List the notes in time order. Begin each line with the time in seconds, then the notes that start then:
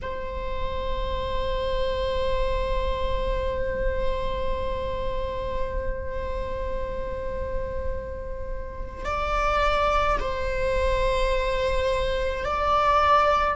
0.02 C5
9.05 D5
10.19 C5
12.45 D5